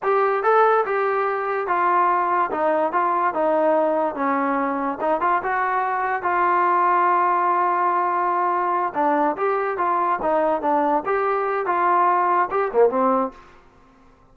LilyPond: \new Staff \with { instrumentName = "trombone" } { \time 4/4 \tempo 4 = 144 g'4 a'4 g'2 | f'2 dis'4 f'4 | dis'2 cis'2 | dis'8 f'8 fis'2 f'4~ |
f'1~ | f'4. d'4 g'4 f'8~ | f'8 dis'4 d'4 g'4. | f'2 g'8 ais8 c'4 | }